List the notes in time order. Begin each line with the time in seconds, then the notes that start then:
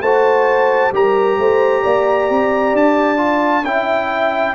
0.00 A3 F#4 C5 A5
0.92 G3 G4 A#4 A#5
1.38 A3 C5
1.82 A#3 D5
2.30 C4
2.73 D4 A5
3.17 F4
3.64 C#4 E4 E5 G5